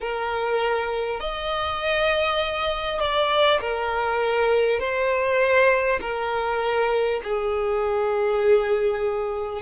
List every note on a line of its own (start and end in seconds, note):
0.00 1.20 A#4
1.20 2.99 D#5
2.99 3.59 D5
3.60 4.79 A#4
4.79 5.99 C5
6.00 7.20 A#4
7.23 9.61 G#4